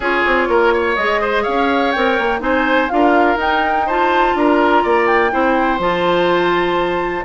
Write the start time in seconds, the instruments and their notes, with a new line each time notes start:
0.00 bassoon C#4, clarinet F4, oboe G#4, flute C#5
0.26 bassoon C4
0.48 bassoon A#3, oboe A#4
0.73 oboe C#5
0.95 bassoon G#3, clarinet G#4, flute D#5
1.21 oboe C5
1.42 bassoon C#4, oboe C#5, flute F5
1.91 bassoon C4, clarinet A#4, flute G5
2.18 bassoon A#3
2.39 bassoon C4, clarinet D#4, oboe C5, flute G#5
2.88 bassoon D4, clarinet F4, flute F5
2.95 oboe A#4
3.36 bassoon D#4, clarinet D#4, flute G5
3.86 clarinet F4, oboe C5, flute A5
4.35 bassoon D4, oboe A#4, flute A#5
4.83 bassoon A#3, oboe D5
5.06 flute G5
5.30 bassoon C4, clarinet E4, oboe C5
5.78 bassoon F3, clarinet F4, flute A5